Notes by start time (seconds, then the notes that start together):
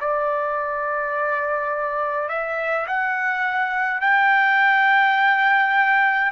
0.00 D5
2.29 E5
2.87 F#5
4.01 G5